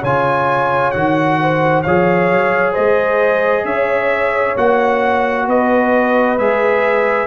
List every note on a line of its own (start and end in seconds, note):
0.00 0.94 C#3
0.00 0.94 F4
0.00 1.36 C#5
0.00 0.91 G#5
0.91 1.85 D#3
0.91 1.84 F#4
0.91 1.82 F#5
1.41 1.83 C5
1.82 2.31 F3
1.82 4.57 G#4
1.82 2.72 C#5
1.82 2.73 F5
2.31 2.76 F#3
2.72 3.64 G#3
2.72 3.63 C5
2.72 3.65 D#5
3.64 4.55 C#4
3.64 5.46 C#5
3.64 4.56 E5
4.57 5.47 A#3
4.57 6.38 F#4
4.57 5.48 F#5
5.46 6.38 B3
5.46 7.27 B4
5.46 6.38 D#5
6.38 7.27 G#3
6.38 7.27 G#4
6.38 7.27 E5